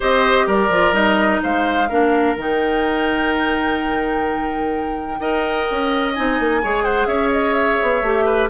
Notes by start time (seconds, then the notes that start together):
0.00 C4 G4 C5 D#5
0.46 G3 A#4 D5
0.69 F3 F4
0.91 G3 D#4 D#5
1.42 G#3 C5 F5
1.88 A#3 D4 A#4
2.36 D#3 D#4 G5
5.19 D#4 A#4 D#5
5.70 C#4
6.13 C4 D#4 G#5
6.39 A#3
6.62 G#3 G#4 C#5
6.83 C5 F#5
7.06 C#4 C#5 E5
7.31 D#5
7.53 E5
7.82 B3
8.02 A3 G4
8.25 B4